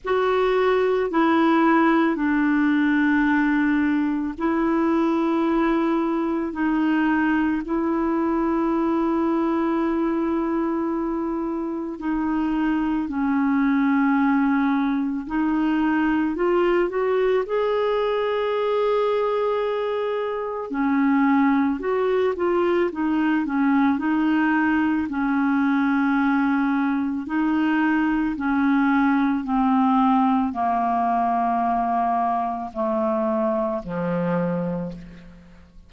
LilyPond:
\new Staff \with { instrumentName = "clarinet" } { \time 4/4 \tempo 4 = 55 fis'4 e'4 d'2 | e'2 dis'4 e'4~ | e'2. dis'4 | cis'2 dis'4 f'8 fis'8 |
gis'2. cis'4 | fis'8 f'8 dis'8 cis'8 dis'4 cis'4~ | cis'4 dis'4 cis'4 c'4 | ais2 a4 f4 | }